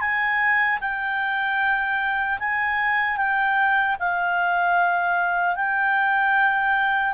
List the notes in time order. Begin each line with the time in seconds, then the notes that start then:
0.00 G#5
0.80 G5
2.39 G#5
3.17 G5
3.99 F5
5.56 G5